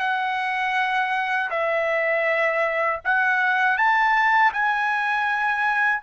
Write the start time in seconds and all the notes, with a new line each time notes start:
0.00 F#5
1.50 E5
3.05 F#5
3.77 A5
4.53 G#5